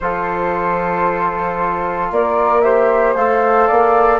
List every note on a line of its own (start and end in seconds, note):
0.00 2.11 F3
0.00 2.63 F4
0.00 2.12 A4
0.00 2.09 C5
2.11 3.15 A#3
2.11 2.64 A#4
2.11 2.61 D5
2.61 3.15 G4
2.61 3.67 C5
2.61 3.13 E5
3.14 3.67 A3
3.14 4.19 A4
3.14 4.19 F5
3.67 4.19 A#3
3.67 4.19 D5